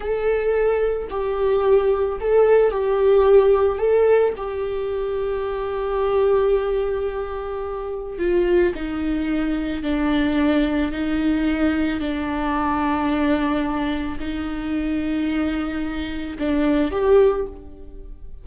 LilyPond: \new Staff \with { instrumentName = "viola" } { \time 4/4 \tempo 4 = 110 a'2 g'2 | a'4 g'2 a'4 | g'1~ | g'2. f'4 |
dis'2 d'2 | dis'2 d'2~ | d'2 dis'2~ | dis'2 d'4 g'4 | }